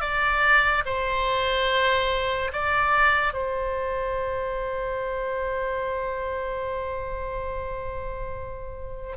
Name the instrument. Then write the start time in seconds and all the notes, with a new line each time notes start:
oboe
0.00 D5
0.85 C5
2.52 D5
3.33 C5